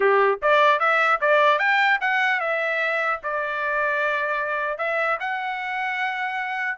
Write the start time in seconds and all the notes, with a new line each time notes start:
0.00 G4
0.41 D5
0.79 E5
1.20 D5
1.58 G5
2.01 F#5
2.40 E5
3.23 D5
4.78 E5
5.20 F#5